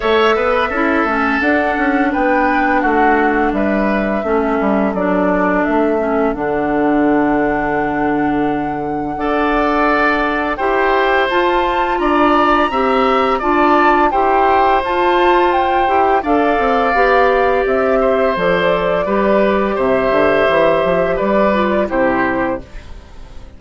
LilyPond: <<
  \new Staff \with { instrumentName = "flute" } { \time 4/4 \tempo 4 = 85 e''2 fis''4 g''4 | fis''4 e''2 d''4 | e''4 fis''2.~ | fis''2. g''4 |
a''4 ais''2 a''4 | g''4 a''4 g''4 f''4~ | f''4 e''4 d''2 | e''2 d''4 c''4 | }
  \new Staff \with { instrumentName = "oboe" } { \time 4/4 cis''8 b'8 a'2 b'4 | fis'4 b'4 a'2~ | a'1~ | a'4 d''2 c''4~ |
c''4 d''4 e''4 d''4 | c''2. d''4~ | d''4. c''4. b'4 | c''2 b'4 g'4 | }
  \new Staff \with { instrumentName = "clarinet" } { \time 4/4 a'4 e'8 cis'8 d'2~ | d'2 cis'4 d'4~ | d'8 cis'8 d'2.~ | d'4 a'2 g'4 |
f'2 g'4 f'4 | g'4 f'4. g'8 a'4 | g'2 a'4 g'4~ | g'2~ g'8 f'8 e'4 | }
  \new Staff \with { instrumentName = "bassoon" } { \time 4/4 a8 b8 cis'8 a8 d'8 cis'8 b4 | a4 g4 a8 g8 fis4 | a4 d2.~ | d4 d'2 e'4 |
f'4 d'4 c'4 d'4 | e'4 f'4. e'8 d'8 c'8 | b4 c'4 f4 g4 | c8 d8 e8 f8 g4 c4 | }
>>